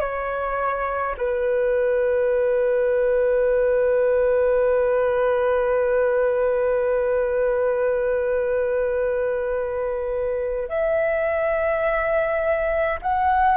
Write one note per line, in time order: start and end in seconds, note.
0.00 1.15 C#5
1.17 10.68 B4
10.68 12.99 E5
13.02 13.57 F#5